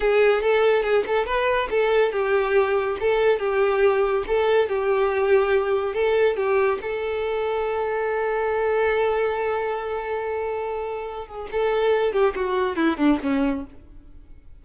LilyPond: \new Staff \with { instrumentName = "violin" } { \time 4/4 \tempo 4 = 141 gis'4 a'4 gis'8 a'8 b'4 | a'4 g'2 a'4 | g'2 a'4 g'4~ | g'2 a'4 g'4 |
a'1~ | a'1~ | a'2~ a'8 gis'8 a'4~ | a'8 g'8 fis'4 e'8 d'8 cis'4 | }